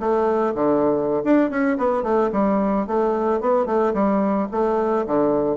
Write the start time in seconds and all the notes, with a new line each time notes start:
0.00 A3
0.55 D3
1.24 D4
1.50 C#4
1.78 B3
2.03 A3
2.33 G3
2.87 A3
3.41 B3
3.66 A3
3.94 G3
4.51 A3
5.07 D3